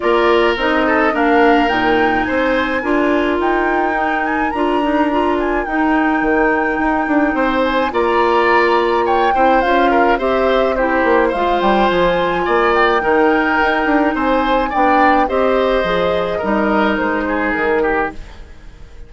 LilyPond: <<
  \new Staff \with { instrumentName = "flute" } { \time 4/4 \tempo 4 = 106 d''4 dis''4 f''4 g''4 | gis''2 g''4. gis''8 | ais''4. gis''8 g''2~ | g''4. gis''8 ais''2 |
g''4 f''4 e''4 c''4 | f''8 g''8 gis''4. g''4.~ | g''4 gis''4 g''4 dis''4~ | dis''2 c''4 ais'4 | }
  \new Staff \with { instrumentName = "oboe" } { \time 4/4 ais'4. a'8 ais'2 | c''4 ais'2.~ | ais'1~ | ais'4 c''4 d''2 |
cis''8 c''4 ais'8 c''4 g'4 | c''2 d''4 ais'4~ | ais'4 c''4 d''4 c''4~ | c''4 ais'4. gis'4 g'8 | }
  \new Staff \with { instrumentName = "clarinet" } { \time 4/4 f'4 dis'4 d'4 dis'4~ | dis'4 f'2 dis'4 | f'8 dis'8 f'4 dis'2~ | dis'2 f'2~ |
f'8 e'8 f'4 g'4 e'4 | f'2. dis'4~ | dis'2 d'4 g'4 | gis'4 dis'2. | }
  \new Staff \with { instrumentName = "bassoon" } { \time 4/4 ais4 c'4 ais4 ais,4 | c'4 d'4 dis'2 | d'2 dis'4 dis4 | dis'8 d'8 c'4 ais2~ |
ais8 c'8 cis'4 c'4. ais8 | gis8 g8 f4 ais4 dis4 | dis'8 d'8 c'4 b4 c'4 | f4 g4 gis4 dis4 | }
>>